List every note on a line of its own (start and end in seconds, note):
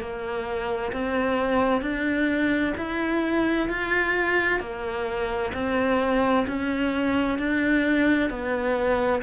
0.00 0.92 A#3
0.92 1.82 C4
1.82 2.74 D4
2.77 3.69 E4
3.69 4.60 F4
4.60 5.52 A#3
5.53 6.46 C4
6.47 7.38 C#4
7.38 8.30 D4
8.30 9.22 B3